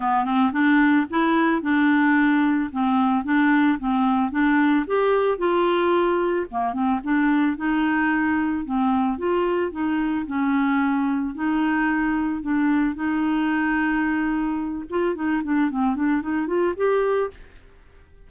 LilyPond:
\new Staff \with { instrumentName = "clarinet" } { \time 4/4 \tempo 4 = 111 b8 c'8 d'4 e'4 d'4~ | d'4 c'4 d'4 c'4 | d'4 g'4 f'2 | ais8 c'8 d'4 dis'2 |
c'4 f'4 dis'4 cis'4~ | cis'4 dis'2 d'4 | dis'2.~ dis'8 f'8 | dis'8 d'8 c'8 d'8 dis'8 f'8 g'4 | }